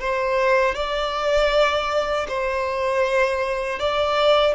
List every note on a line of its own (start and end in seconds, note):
0.00 0.75 C5
0.75 2.27 D5
2.28 3.79 C5
3.79 4.55 D5